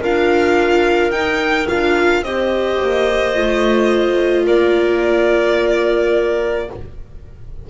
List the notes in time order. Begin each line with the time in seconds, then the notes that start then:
0.00 D4 F4 A#4 F5
1.11 D#4 G5
1.69 D4 F4 F5
2.22 C4 G4 C5 D#5
2.82 A#3
3.34 A3 F4
4.45 A#3 A#4 D5